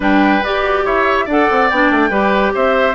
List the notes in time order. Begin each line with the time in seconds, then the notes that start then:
0.00 G3 D4 B4 G5
0.43 G4 D5
0.62 F#4
0.85 E4 C#5 E5
1.25 D4 A4 D5 F#5
1.50 C4
1.69 B3 D4 G5
1.91 A3
2.10 G3 G4 B4
2.54 C4 C5 E5